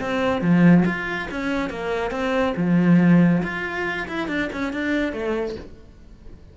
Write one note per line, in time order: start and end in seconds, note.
0.00 0.41 C4
0.41 0.84 F3
0.85 1.28 F4
1.31 1.69 C#4
1.69 2.11 A#3
2.11 2.53 C4
2.56 3.42 F3
3.43 4.07 F4
4.07 4.28 E4
4.28 4.49 D4
4.52 4.73 C#4
4.73 5.13 D4
5.13 5.55 A3